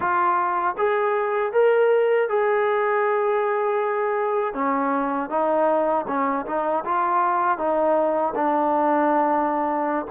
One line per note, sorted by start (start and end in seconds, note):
0.00 0.75 F4
0.77 1.52 G#4
1.52 2.28 A#4
2.28 4.54 G#4
4.54 5.29 C#4
5.29 6.05 D#4
6.07 6.45 C#4
6.46 6.84 D#4
6.85 7.57 F4
7.57 8.33 D#4
8.35 10.06 D4